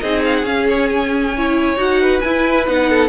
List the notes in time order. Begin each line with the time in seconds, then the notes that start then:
0.00 C4 D#4 G#4 D#5
0.25 F5
0.34 F#5
0.43 C#4 F5
0.69 C#5
0.90 G#5
1.37 E4 C#5
1.76 D#4 F#4 F#5
2.02 B4
2.21 E4 G#5
2.67 B3 D#4 F#5
2.90 A4